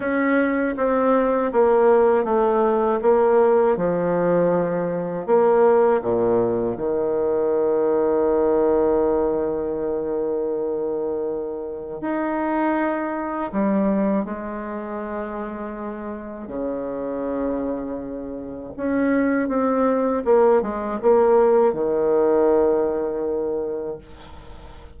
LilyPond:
\new Staff \with { instrumentName = "bassoon" } { \time 4/4 \tempo 4 = 80 cis'4 c'4 ais4 a4 | ais4 f2 ais4 | ais,4 dis2.~ | dis1 |
dis'2 g4 gis4~ | gis2 cis2~ | cis4 cis'4 c'4 ais8 gis8 | ais4 dis2. | }